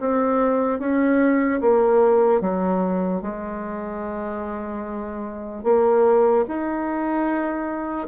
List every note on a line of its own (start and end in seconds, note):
0.00 0.79 C4
0.79 1.60 C#4
1.61 2.41 A#3
2.41 3.21 F#3
3.21 5.64 G#3
5.64 6.45 A#3
6.48 8.08 D#4